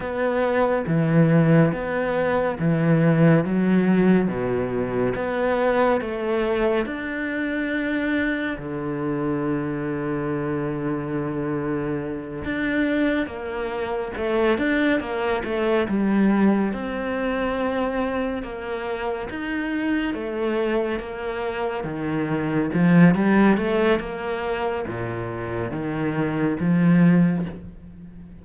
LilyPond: \new Staff \with { instrumentName = "cello" } { \time 4/4 \tempo 4 = 70 b4 e4 b4 e4 | fis4 b,4 b4 a4 | d'2 d2~ | d2~ d8 d'4 ais8~ |
ais8 a8 d'8 ais8 a8 g4 c'8~ | c'4. ais4 dis'4 a8~ | a8 ais4 dis4 f8 g8 a8 | ais4 ais,4 dis4 f4 | }